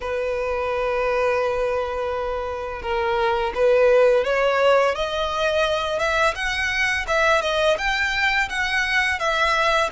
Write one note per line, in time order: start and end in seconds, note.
0.00 2.82 B4
2.82 3.52 A#4
3.55 4.24 B4
4.24 4.95 C#5
4.95 5.99 D#5
5.99 6.34 E5
6.35 7.05 F#5
7.07 7.41 E5
7.41 7.76 D#5
7.78 8.48 G5
8.49 9.19 F#5
9.19 9.89 E5